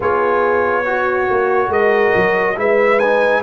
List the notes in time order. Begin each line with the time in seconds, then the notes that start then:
0.00 B3 F4 G#4 C#5
0.85 F#4
1.29 A#3
1.68 G#3 A#4 D#5
2.15 F#3
2.55 G#3 E4 B4 E5
2.99 D#4 G#5